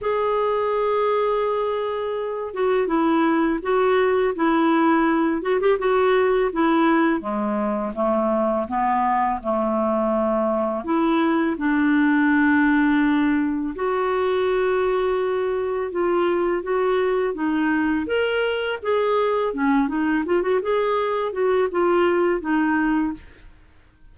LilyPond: \new Staff \with { instrumentName = "clarinet" } { \time 4/4 \tempo 4 = 83 gis'2.~ gis'8 fis'8 | e'4 fis'4 e'4. fis'16 g'16 | fis'4 e'4 gis4 a4 | b4 a2 e'4 |
d'2. fis'4~ | fis'2 f'4 fis'4 | dis'4 ais'4 gis'4 cis'8 dis'8 | f'16 fis'16 gis'4 fis'8 f'4 dis'4 | }